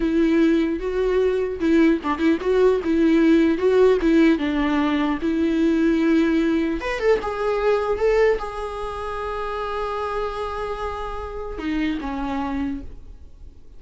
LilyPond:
\new Staff \with { instrumentName = "viola" } { \time 4/4 \tempo 4 = 150 e'2 fis'2 | e'4 d'8 e'8 fis'4 e'4~ | e'4 fis'4 e'4 d'4~ | d'4 e'2.~ |
e'4 b'8 a'8 gis'2 | a'4 gis'2.~ | gis'1~ | gis'4 dis'4 cis'2 | }